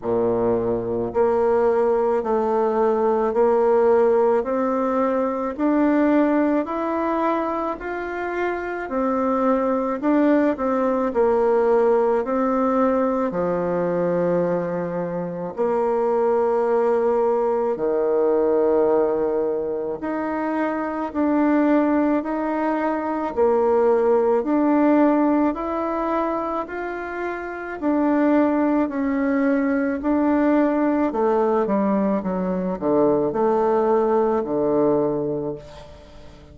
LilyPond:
\new Staff \with { instrumentName = "bassoon" } { \time 4/4 \tempo 4 = 54 ais,4 ais4 a4 ais4 | c'4 d'4 e'4 f'4 | c'4 d'8 c'8 ais4 c'4 | f2 ais2 |
dis2 dis'4 d'4 | dis'4 ais4 d'4 e'4 | f'4 d'4 cis'4 d'4 | a8 g8 fis8 d8 a4 d4 | }